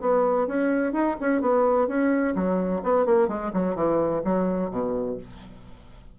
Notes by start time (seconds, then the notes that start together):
0.00 B3
0.47 C#4
0.92 D#4
1.20 C#4
1.41 B3
1.87 C#4
2.35 F#3
2.83 B3
3.05 A#3
3.28 G#3
3.53 F#3
3.75 E3
4.24 F#3
4.70 B2